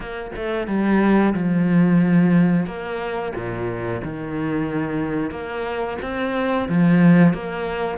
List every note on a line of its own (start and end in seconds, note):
0.00 0.31 A#3
0.35 0.67 A3
0.67 1.33 G3
1.34 2.66 F3
2.66 3.32 A#3
3.35 4.02 A#2
4.03 5.30 D#3
5.30 5.97 A#3
6.02 6.68 C4
6.68 7.33 F3
7.33 7.98 A#3